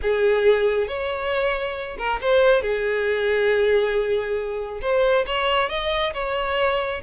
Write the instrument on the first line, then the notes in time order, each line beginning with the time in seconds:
violin
0.02 G#4
0.87 C#5
1.97 A#4
2.21 C5
2.62 G#4
4.81 C5
5.26 C#5
5.69 D#5
6.13 C#5